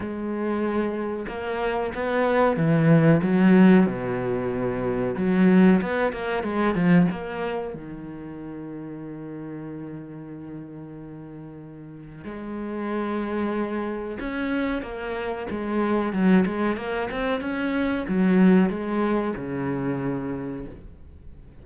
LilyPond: \new Staff \with { instrumentName = "cello" } { \time 4/4 \tempo 4 = 93 gis2 ais4 b4 | e4 fis4 b,2 | fis4 b8 ais8 gis8 f8 ais4 | dis1~ |
dis2. gis4~ | gis2 cis'4 ais4 | gis4 fis8 gis8 ais8 c'8 cis'4 | fis4 gis4 cis2 | }